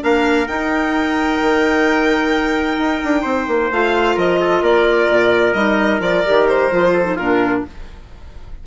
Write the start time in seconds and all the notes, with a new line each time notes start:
0.00 A#3 D4 A#4 F5
0.47 D#4 G5
1.41 D#3
2.77 D#4
3.04 D4
3.22 C4 C5
3.47 A#3
3.71 A3 F4 F5
4.15 F3 A#4 D#5
4.40 A4
4.62 A#3 A#4 D5
5.09 A#2
5.53 G3 D#4 D#5
6.00 F3 F4 D5
6.25 D#3 G4
6.48 C5
6.71 F3 F4
6.93 A4
7.04 D#4
7.15 A#2 D4 F4 A#4